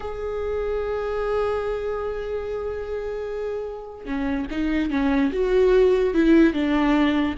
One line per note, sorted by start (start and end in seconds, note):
0.00 4.05 G#4
4.05 4.46 C#4
4.50 4.90 D#4
4.90 5.31 C#4
5.32 6.14 F#4
6.14 6.53 E4
6.53 7.35 D4